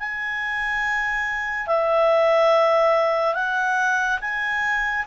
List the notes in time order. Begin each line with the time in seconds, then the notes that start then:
0.00 G#5
1.67 E5
3.35 F#5
4.21 G#5